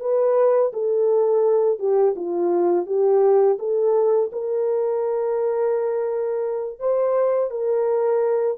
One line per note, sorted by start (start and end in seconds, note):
0.00 0.71 B4
0.73 1.79 A4
1.79 2.15 G4
2.16 2.86 F4
2.86 3.57 G4
3.59 4.30 A4
4.32 6.80 A#4
6.80 7.51 C5
7.51 8.58 A#4